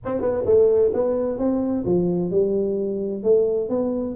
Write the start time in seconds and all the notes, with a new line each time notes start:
0.05 C4
0.21 B3
0.45 A3
0.93 B3
1.38 C4
1.85 F3
2.31 G3
3.23 A3
3.69 B3